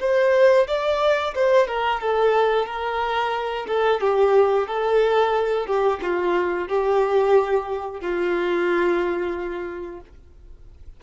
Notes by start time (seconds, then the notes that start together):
0.00 C5
0.67 D5
1.35 C5
1.67 A#4
2.00 A4
2.66 A#4
3.67 A4
4.01 G4
4.67 A4
5.66 G4
6.02 F4
6.68 G4
8.00 F4